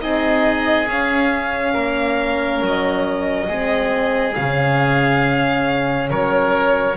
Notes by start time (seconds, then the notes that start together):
0.00 C4 D#4 G#4 D#5
0.88 C#4 F5
1.74 A#3 A#4
2.61 F#3 D#5
3.49 G#3 C4 G#4
4.34 C#3 C#4 F5
6.10 F#3 A#4 C#5